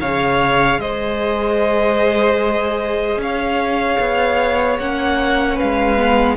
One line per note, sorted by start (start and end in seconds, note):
0.00 0.78 C#3
0.00 4.80 G#4
0.00 0.80 C#5
0.00 0.80 F5
0.78 3.17 G#3
0.78 3.21 C5
0.78 3.20 D#5
3.17 3.97 C#4
3.17 5.55 C#5
3.17 4.78 F5
3.99 4.79 B3
4.78 5.59 A#3
4.78 5.97 C#4
4.78 5.58 F#5
5.55 6.35 B4
5.55 6.37 F5
5.62 6.37 G#3
5.97 6.37 B3